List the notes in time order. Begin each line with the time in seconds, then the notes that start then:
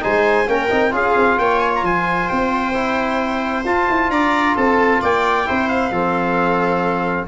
0.00 G#3 D#4 C5 G#5
0.46 A#3 C#4 A#4 G5
0.70 C4 D#4
0.91 C#4 F4 G#4 F5
1.16 C4
1.38 A#3 C#5 G5
1.60 G#5
1.75 A#5
1.82 F3 C5 G#5
2.28 C4 G5
2.74 E4
3.64 F4 A5
3.89 E4
4.09 D4 D5 A#5
4.55 C4 A4 A5
5.01 A#3 D5 G5
5.45 C4 E4 C5
5.68 F5
5.91 F3 C4 A4